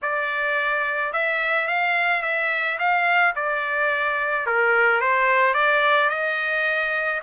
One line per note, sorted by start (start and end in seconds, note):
0.02 1.12 D5
1.12 1.67 E5
1.67 2.22 F5
2.22 2.78 E5
2.79 3.34 F5
3.35 4.46 D5
4.46 5.01 A#4
5.01 5.54 C5
5.54 6.09 D5
6.09 7.20 D#5